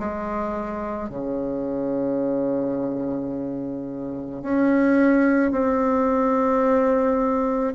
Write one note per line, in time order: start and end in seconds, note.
0.00 1.10 G#3
1.10 4.43 C#3
4.43 5.52 C#4
5.52 7.74 C4